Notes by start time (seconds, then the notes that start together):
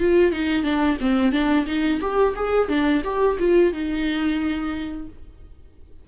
0.00 F4
0.33 D#4
0.64 D4
1.01 C4
1.32 D4
1.67 D#4
2.01 G4
2.36 G#4
2.69 D4
3.04 G4
3.40 F4
3.73 D#4